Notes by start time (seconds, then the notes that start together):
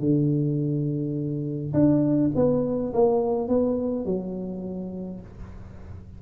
0.00 D3
1.74 D4
2.36 B3
2.94 A#3
3.49 B3
4.05 F#3